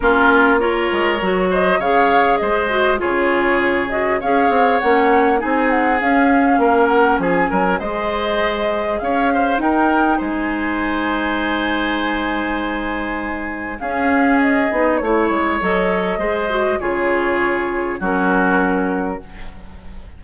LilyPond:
<<
  \new Staff \with { instrumentName = "flute" } { \time 4/4 \tempo 4 = 100 ais'4 cis''4. dis''8 f''4 | dis''4 cis''4. dis''8 f''4 | fis''4 gis''8 fis''8 f''4. fis''8 | gis''4 dis''2 f''4 |
g''4 gis''2.~ | gis''2. f''4 | dis''4 cis''4 dis''2 | cis''2 ais'2 | }
  \new Staff \with { instrumentName = "oboe" } { \time 4/4 f'4 ais'4. c''8 cis''4 | c''4 gis'2 cis''4~ | cis''4 gis'2 ais'4 | gis'8 ais'8 c''2 cis''8 c''8 |
ais'4 c''2.~ | c''2. gis'4~ | gis'4 cis''2 c''4 | gis'2 fis'2 | }
  \new Staff \with { instrumentName = "clarinet" } { \time 4/4 cis'4 f'4 fis'4 gis'4~ | gis'8 fis'8 f'4. fis'8 gis'4 | cis'4 dis'4 cis'2~ | cis'4 gis'2. |
dis'1~ | dis'2. cis'4~ | cis'8 dis'8 e'4 a'4 gis'8 fis'8 | f'2 cis'2 | }
  \new Staff \with { instrumentName = "bassoon" } { \time 4/4 ais4. gis8 fis4 cis4 | gis4 cis2 cis'8 c'8 | ais4 c'4 cis'4 ais4 | f8 fis8 gis2 cis'4 |
dis'4 gis2.~ | gis2. cis'4~ | cis'8 b8 a8 gis8 fis4 gis4 | cis2 fis2 | }
>>